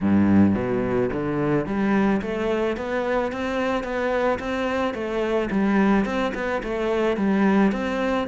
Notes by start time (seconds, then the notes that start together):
0.01 G2
0.55 B2
1.13 D3
1.66 G3
2.21 A3
2.76 B3
3.32 C4
3.83 B3
4.39 C4
4.94 A3
5.50 G3
6.05 C4
6.34 B3
6.63 A3
7.16 G3
7.72 C4